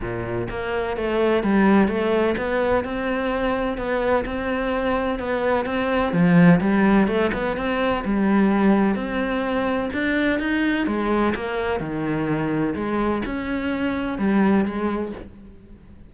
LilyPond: \new Staff \with { instrumentName = "cello" } { \time 4/4 \tempo 4 = 127 ais,4 ais4 a4 g4 | a4 b4 c'2 | b4 c'2 b4 | c'4 f4 g4 a8 b8 |
c'4 g2 c'4~ | c'4 d'4 dis'4 gis4 | ais4 dis2 gis4 | cis'2 g4 gis4 | }